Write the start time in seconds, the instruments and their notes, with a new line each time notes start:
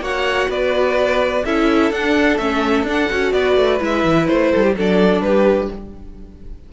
0.00 cello A#3, viola F#4, violin C#5 F#5
0.49 cello B3, violin B4 D5
1.45 cello C#4, viola E4, violin A4 E5
1.91 cello D4, viola D4, violin F#5
2.37 cello A3, viola C#4, violin E5
2.83 cello D4, viola D4
2.90 violin F#5
3.10 cello C#4, viola F#4
3.32 cello B3, violin B4 D5
3.57 cello A3
3.80 cello G#3, viola E4, violin E5
4.04 cello E3
4.27 cello A3, violin C5
4.52 cello G3, violin A4
4.63 violin G4
4.77 cello F#3, viola D4, violin A4 D5
5.21 cello G3, violin G4 B4